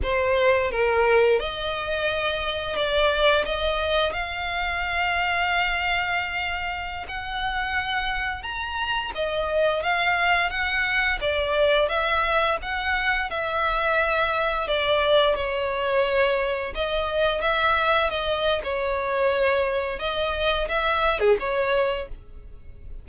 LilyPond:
\new Staff \with { instrumentName = "violin" } { \time 4/4 \tempo 4 = 87 c''4 ais'4 dis''2 | d''4 dis''4 f''2~ | f''2~ f''16 fis''4.~ fis''16~ | fis''16 ais''4 dis''4 f''4 fis''8.~ |
fis''16 d''4 e''4 fis''4 e''8.~ | e''4~ e''16 d''4 cis''4.~ cis''16~ | cis''16 dis''4 e''4 dis''8. cis''4~ | cis''4 dis''4 e''8. gis'16 cis''4 | }